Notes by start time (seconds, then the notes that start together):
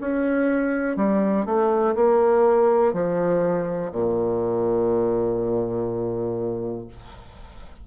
0.00 C#4
0.96 G3
1.45 A3
1.95 A#3
2.93 F3
3.92 A#2